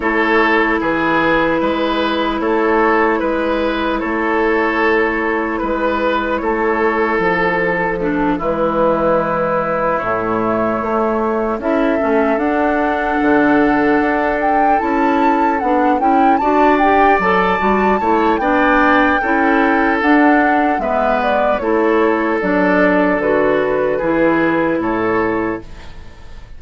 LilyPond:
<<
  \new Staff \with { instrumentName = "flute" } { \time 4/4 \tempo 4 = 75 cis''4 b'2 cis''4 | b'4 cis''2 b'4 | cis''4 a'4. b'4.~ | b'8 cis''2 e''4 fis''8~ |
fis''2 g''8 a''4 fis''8 | g''8 a''8 g''8 a''4. g''4~ | g''4 fis''4 e''8 d''8 cis''4 | d''4 b'2 cis''4 | }
  \new Staff \with { instrumentName = "oboe" } { \time 4/4 a'4 gis'4 b'4 a'4 | b'4 a'2 b'4 | a'2 a8 e'4.~ | e'2~ e'8 a'4.~ |
a'1~ | a'8 d''2 cis''8 d''4 | a'2 b'4 a'4~ | a'2 gis'4 a'4 | }
  \new Staff \with { instrumentName = "clarinet" } { \time 4/4 e'1~ | e'1~ | e'2 d'8 gis4.~ | gis8 a2 e'8 cis'8 d'8~ |
d'2~ d'8 e'4 d'8 | e'8 fis'8 g'8 a'8 fis'8 e'8 d'4 | e'4 d'4 b4 e'4 | d'4 fis'4 e'2 | }
  \new Staff \with { instrumentName = "bassoon" } { \time 4/4 a4 e4 gis4 a4 | gis4 a2 gis4 | a4 f4. e4.~ | e8 a,4 a4 cis'8 a8 d'8~ |
d'8 d4 d'4 cis'4 b8 | cis'8 d'4 fis8 g8 a8 b4 | cis'4 d'4 gis4 a4 | fis4 d4 e4 a,4 | }
>>